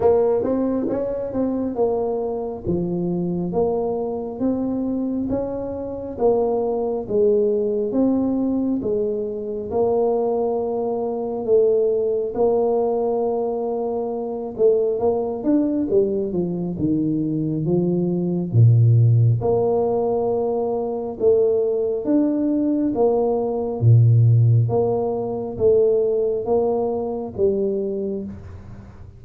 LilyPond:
\new Staff \with { instrumentName = "tuba" } { \time 4/4 \tempo 4 = 68 ais8 c'8 cis'8 c'8 ais4 f4 | ais4 c'4 cis'4 ais4 | gis4 c'4 gis4 ais4~ | ais4 a4 ais2~ |
ais8 a8 ais8 d'8 g8 f8 dis4 | f4 ais,4 ais2 | a4 d'4 ais4 ais,4 | ais4 a4 ais4 g4 | }